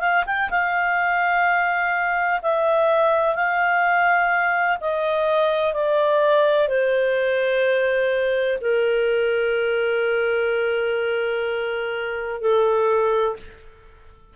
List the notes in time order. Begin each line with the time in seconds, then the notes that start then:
0.00 F5
0.26 G5
0.50 F5
2.42 E5
3.35 F5
4.80 D#5
5.73 D5
6.68 C5
8.61 A#4
12.41 A4